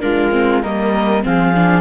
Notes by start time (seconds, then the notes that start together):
0.00 G#3 D4 F4 A#4
0.31 C4
0.62 G3 A#3 A#4 D#5
1.22 F3 C4 G#4 F5
1.54 D4